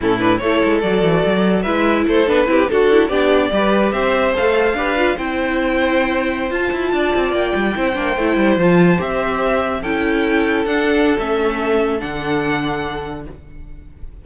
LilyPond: <<
  \new Staff \with { instrumentName = "violin" } { \time 4/4 \tempo 4 = 145 a'8 b'8 cis''4 d''2 | e''4 c''8 b'4 a'4 d''8~ | d''4. e''4 f''4.~ | f''8 g''2.~ g''16 a''16~ |
a''4.~ a''16 g''2~ g''16~ | g''8. a''4 e''2 g''16~ | g''4.~ g''16 fis''4~ fis''16 e''4~ | e''4 fis''2. | }
  \new Staff \with { instrumentName = "violin" } { \time 4/4 e'4 a'2. | b'4 a'4 g'8 fis'4 g'8~ | g'8 b'4 c''2 b'8~ | b'8 c''2.~ c''8~ |
c''8. d''2 c''4~ c''16~ | c''2.~ c''8. a'16~ | a'1~ | a'1 | }
  \new Staff \with { instrumentName = "viola" } { \time 4/4 cis'8 d'8 e'4 fis'2 | e'4. d'8 e'8 fis'8 e'8 d'8~ | d'8 g'2 a'4 g'8 | f'8 e'2.~ e'16 f'16~ |
f'2~ f'8. e'8 d'8 e'16~ | e'8. f'4 g'2 e'16~ | e'4.~ e'16 d'4~ d'16 cis'4~ | cis'4 d'2. | }
  \new Staff \with { instrumentName = "cello" } { \time 4/4 a,4 a8 gis8 fis8 e8 fis4 | gis4 a8 b8 c'8 d'4 b8~ | b8 g4 c'4 a4 d'8~ | d'8 c'2.~ c'16 f'16~ |
f'16 e'8 d'8 c'8 ais8 g8 c'8 ais8 a16~ | a16 g8 f4 c'2 cis'16~ | cis'4.~ cis'16 d'4~ d'16 a4~ | a4 d2. | }
>>